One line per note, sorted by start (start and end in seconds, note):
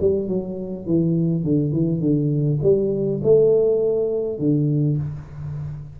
0.00 0.28 G3
0.28 0.86 F#3
0.86 1.44 E3
1.44 1.72 D3
1.72 2.00 E3
2.00 2.59 D3
2.62 3.21 G3
3.23 4.38 A3
4.38 4.97 D3